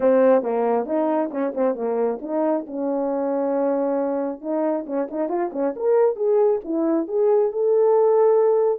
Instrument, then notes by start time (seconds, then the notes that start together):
horn
0.00 C4
0.42 A#3
0.85 D#4
1.31 C#4
1.54 C4
1.75 A#3
2.21 D#4
2.67 C#4
4.41 D#4
4.86 C#4
5.10 D#4
5.28 F4
5.52 C#4
5.76 A#4
6.16 G#4
6.64 E4
7.07 G#4
7.52 A4